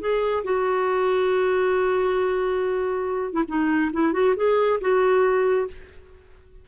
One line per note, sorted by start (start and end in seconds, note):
0.00 0.43 G#4
0.44 3.33 F#4
3.33 3.43 E4
3.48 3.91 D#4
3.92 4.13 E4
4.13 4.34 F#4
4.36 4.79 G#4
4.80 5.67 F#4